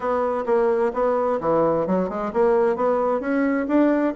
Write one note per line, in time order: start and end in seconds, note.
0.00 0.44 B3
0.46 0.92 A#3
0.93 1.39 B3
1.40 1.86 E3
1.87 2.09 F#3
2.09 2.32 G#3
2.33 2.75 A#3
2.75 3.20 B3
3.20 3.66 C#4
3.67 4.13 D4